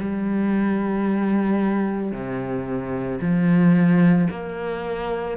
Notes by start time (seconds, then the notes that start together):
0.00 G3
2.12 C3
3.21 F3
4.30 A#3